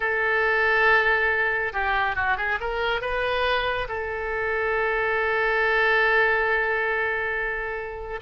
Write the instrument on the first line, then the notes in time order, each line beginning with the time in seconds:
oboe
0.00 A4
1.72 G4
2.15 F#4
2.37 G#4
2.60 A#4
3.01 B4
3.88 A4